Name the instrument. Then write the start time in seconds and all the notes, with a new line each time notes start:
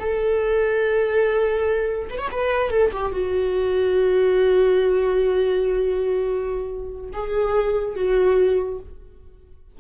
viola
0.00 A4
2.10 B4
2.19 C#5
2.32 B4
2.71 A4
2.93 G4
3.13 F#4
7.14 G#4
7.96 F#4